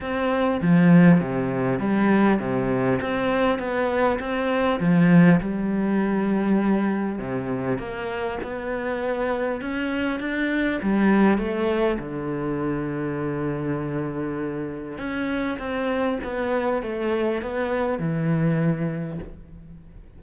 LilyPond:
\new Staff \with { instrumentName = "cello" } { \time 4/4 \tempo 4 = 100 c'4 f4 c4 g4 | c4 c'4 b4 c'4 | f4 g2. | c4 ais4 b2 |
cis'4 d'4 g4 a4 | d1~ | d4 cis'4 c'4 b4 | a4 b4 e2 | }